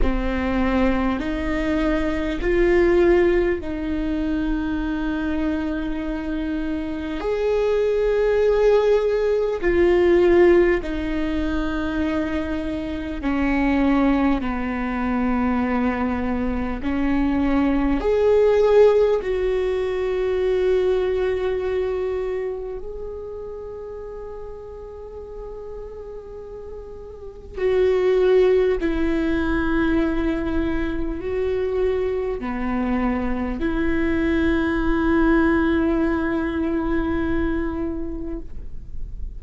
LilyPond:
\new Staff \with { instrumentName = "viola" } { \time 4/4 \tempo 4 = 50 c'4 dis'4 f'4 dis'4~ | dis'2 gis'2 | f'4 dis'2 cis'4 | b2 cis'4 gis'4 |
fis'2. gis'4~ | gis'2. fis'4 | e'2 fis'4 b4 | e'1 | }